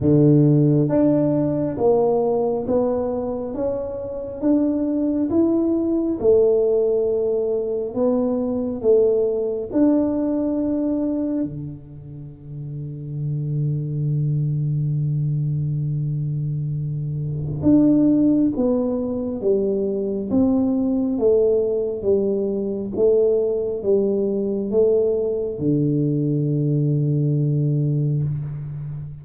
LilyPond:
\new Staff \with { instrumentName = "tuba" } { \time 4/4 \tempo 4 = 68 d4 d'4 ais4 b4 | cis'4 d'4 e'4 a4~ | a4 b4 a4 d'4~ | d'4 d2.~ |
d1 | d'4 b4 g4 c'4 | a4 g4 a4 g4 | a4 d2. | }